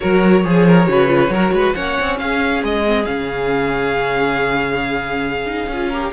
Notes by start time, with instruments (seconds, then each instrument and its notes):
0.00 cello F#3, viola F#4, violin A#4 C#5
0.43 cello F3, viola G#4, violin G#4
0.67 violin A#4
0.86 cello C#3, viola F#4, violin B4
1.06 viola F4
1.28 cello F#3, violin A#4
1.34 viola F#4
1.52 cello G#3, violin B4
1.73 cello A#3, viola C#4, violin C#5 F#5
2.00 cello C4
2.18 cello C#4, violin G#4 F5
2.63 cello G#3, violin D#5
2.85 viola C4
3.05 cello C#3, viola C#4, violin F5
5.45 viola D#4
5.67 cello C#4
5.73 viola F4
5.89 viola G4, violin A#4